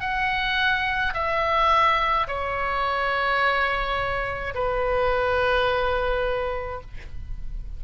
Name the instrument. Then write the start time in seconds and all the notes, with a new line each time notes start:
oboe
0.00 F#5
1.14 E5
2.27 C#5
4.54 B4